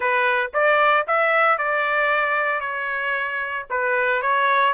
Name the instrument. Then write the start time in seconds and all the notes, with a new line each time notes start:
trumpet
0.00 B4
0.53 D5
1.07 E5
1.58 D5
2.60 C#5
3.70 B4
4.22 C#5